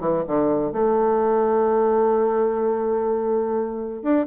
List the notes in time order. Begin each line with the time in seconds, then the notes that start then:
0.00 E3
0.27 D3
0.72 A3
4.02 D4